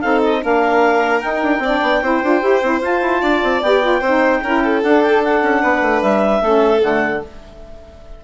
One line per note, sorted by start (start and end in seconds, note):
0.00 0.43 C4
0.00 0.41 D#4
0.00 0.40 A4
0.00 0.20 F5
0.24 0.44 D#5
0.41 1.23 A#3
0.41 1.21 D4
0.41 1.63 A#4
0.41 1.20 F5
1.20 1.61 D#4
1.20 1.43 D#4
1.20 2.80 G5
1.43 1.59 D4
1.59 1.79 C4
1.59 2.03 D4
1.59 2.03 D5
1.82 2.02 B3
2.02 2.22 C4
2.02 2.23 E4
2.02 3.21 C5
2.22 2.42 D4
2.22 2.41 F4
2.41 2.62 E4
2.41 2.61 G4
2.62 2.80 C4
2.62 2.81 E4
2.80 3.00 F4
2.80 3.61 F4
2.80 3.62 A5
3.01 3.21 E4
3.21 3.42 D4
3.21 3.99 D5
3.43 3.62 C4
3.62 4.00 B3
3.62 3.81 G4
3.62 4.82 G5
3.81 4.01 F4
3.99 4.41 C4
3.99 4.39 C5
4.06 4.44 D#4
4.43 4.82 C#4
4.43 4.83 E4
4.43 4.63 A#4
4.63 5.61 A4
4.82 5.42 D4
4.82 6.43 D4
4.82 5.02 F#5
5.02 5.22 G5
5.24 6.01 F#5
5.42 5.62 C#4
5.61 5.81 B3
5.61 6.41 B4
5.81 6.01 A3
6.01 6.41 G3
6.01 6.81 E5
6.41 6.81 A3
6.41 6.79 C#4
6.41 7.23 A4
6.79 7.23 D3
6.79 7.19 A3
6.79 7.22 F#5